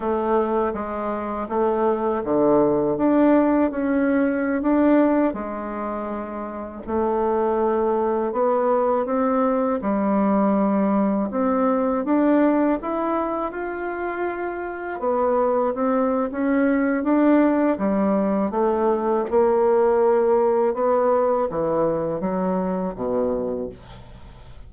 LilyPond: \new Staff \with { instrumentName = "bassoon" } { \time 4/4 \tempo 4 = 81 a4 gis4 a4 d4 | d'4 cis'4~ cis'16 d'4 gis8.~ | gis4~ gis16 a2 b8.~ | b16 c'4 g2 c'8.~ |
c'16 d'4 e'4 f'4.~ f'16~ | f'16 b4 c'8. cis'4 d'4 | g4 a4 ais2 | b4 e4 fis4 b,4 | }